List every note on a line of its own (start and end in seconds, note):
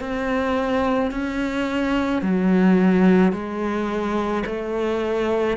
0.00 1.11 C4
1.12 2.22 C#4
2.22 3.33 F#3
3.33 4.44 G#3
4.46 5.57 A3